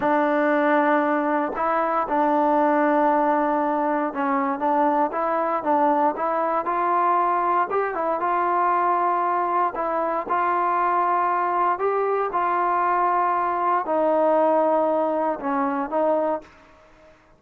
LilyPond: \new Staff \with { instrumentName = "trombone" } { \time 4/4 \tempo 4 = 117 d'2. e'4 | d'1 | cis'4 d'4 e'4 d'4 | e'4 f'2 g'8 e'8 |
f'2. e'4 | f'2. g'4 | f'2. dis'4~ | dis'2 cis'4 dis'4 | }